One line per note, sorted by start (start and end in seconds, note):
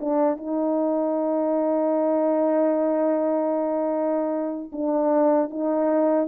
0.00 0.37 D4
0.37 4.71 D#4
4.72 5.50 D4
5.50 6.27 D#4